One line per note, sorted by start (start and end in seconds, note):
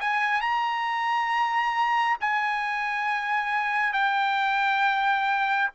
0.00 0.41 G#5
0.41 2.17 A#5
2.20 3.93 G#5
3.93 5.70 G5